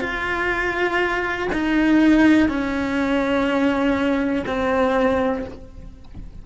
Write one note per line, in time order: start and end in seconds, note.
0.00 1.48 F4
1.52 2.48 D#4
2.48 4.45 C#4
4.46 5.45 C4